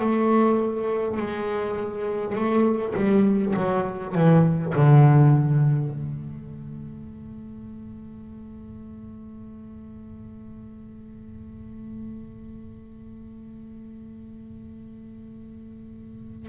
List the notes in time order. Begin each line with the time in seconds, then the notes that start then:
0.00 A3
1.18 G#3
2.36 A3
2.96 G3
3.56 F#3
4.15 E3
4.75 D3
5.91 A3